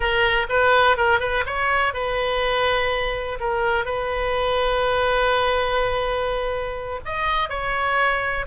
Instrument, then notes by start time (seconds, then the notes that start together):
oboe
0.00 A#4
0.49 B4
0.96 A#4
1.19 B4
1.46 C#5
1.93 B4
3.40 A#4
3.85 B4
7.05 D#5
7.49 C#5